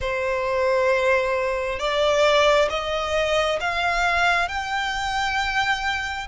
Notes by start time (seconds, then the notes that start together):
0.00 C5
1.79 D5
2.69 D#5
3.60 F5
4.48 G5